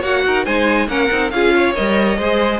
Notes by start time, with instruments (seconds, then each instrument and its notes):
0.00 cello A#3, viola F#4, violin C#5 F#5
0.25 cello D#4, violin A#4
0.45 cello G#3, viola D#4, violin C5 G#5
0.87 cello A#3, viola C#4, violin A#4 F#5
1.10 cello C4, viola D#4
1.30 cello C#4, viola F4, violin G#4 F5
1.54 violin C#5
1.75 cello G3, viola A#4, violin D#5
2.18 cello G#3, viola G#4, violin C5